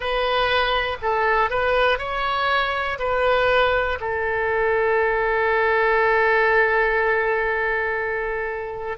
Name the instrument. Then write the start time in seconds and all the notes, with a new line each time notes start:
oboe
0.00 B4
1.02 A4
1.50 B4
1.98 C#5
2.99 B4
4.00 A4